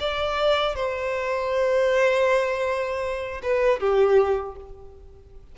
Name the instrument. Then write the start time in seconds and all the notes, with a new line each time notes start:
violin
0.00 D5
0.76 C5
3.43 B4
3.80 G4